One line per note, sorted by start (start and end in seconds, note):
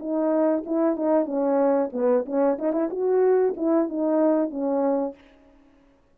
0.00 0.65 D#4
0.67 0.97 E4
0.97 1.26 D#4
1.26 1.90 C#4
1.93 2.26 B3
2.26 2.58 C#4
2.59 2.73 D#4
2.73 2.89 E4
2.91 3.55 F#4
3.57 3.89 E4
3.89 4.50 D#4
4.50 5.15 C#4